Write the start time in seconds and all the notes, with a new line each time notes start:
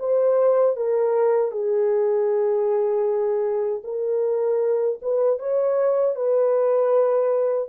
0.00 C5
0.77 A#4
1.52 G#4
3.84 A#4
5.02 B4
5.39 C#5
6.16 B4